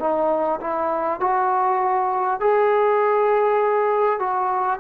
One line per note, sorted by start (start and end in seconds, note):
0.00 0.60 D#4
0.61 1.20 E4
1.20 2.40 F#4
2.41 4.20 G#4
4.20 4.80 F#4